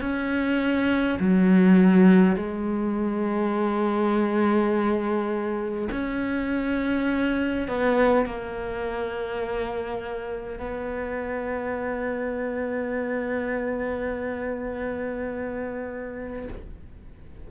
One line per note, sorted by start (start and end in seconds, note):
0.00 1.18 C#4
1.19 2.35 F#3
2.35 5.88 G#3
5.91 7.67 C#4
7.67 8.25 B3
8.25 10.59 A#3
10.59 16.47 B3